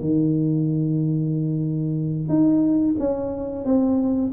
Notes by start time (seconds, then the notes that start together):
0.00 D#3
2.28 D#4
2.98 C#4
3.65 C4